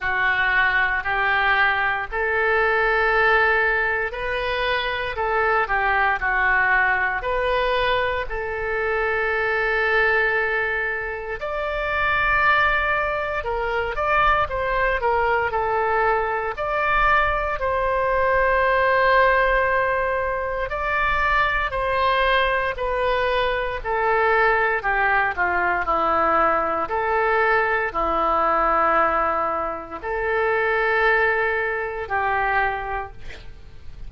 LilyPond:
\new Staff \with { instrumentName = "oboe" } { \time 4/4 \tempo 4 = 58 fis'4 g'4 a'2 | b'4 a'8 g'8 fis'4 b'4 | a'2. d''4~ | d''4 ais'8 d''8 c''8 ais'8 a'4 |
d''4 c''2. | d''4 c''4 b'4 a'4 | g'8 f'8 e'4 a'4 e'4~ | e'4 a'2 g'4 | }